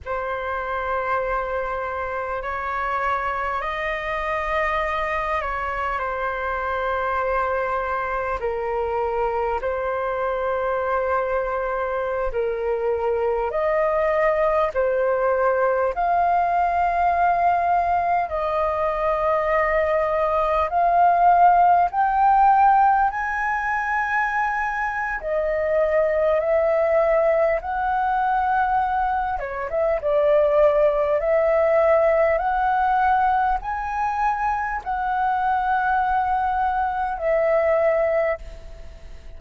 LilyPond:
\new Staff \with { instrumentName = "flute" } { \time 4/4 \tempo 4 = 50 c''2 cis''4 dis''4~ | dis''8 cis''8 c''2 ais'4 | c''2~ c''16 ais'4 dis''8.~ | dis''16 c''4 f''2 dis''8.~ |
dis''4~ dis''16 f''4 g''4 gis''8.~ | gis''4 dis''4 e''4 fis''4~ | fis''8 cis''16 e''16 d''4 e''4 fis''4 | gis''4 fis''2 e''4 | }